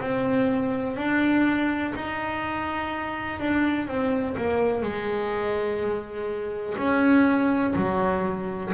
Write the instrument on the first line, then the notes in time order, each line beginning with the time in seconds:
double bass
0.00 C4
0.96 D4
1.95 D#4
3.40 D4
3.88 C4
4.37 A#3
4.82 G#3
6.77 C#4
7.76 F#3